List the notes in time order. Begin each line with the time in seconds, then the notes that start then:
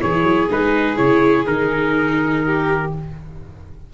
0.00 E3 E4 G#4 C#5
0.23 F#3
0.51 G#3 D#4 B4
0.97 C#3 E4 C#5
1.47 D#3 D#4 A#4
2.45 G4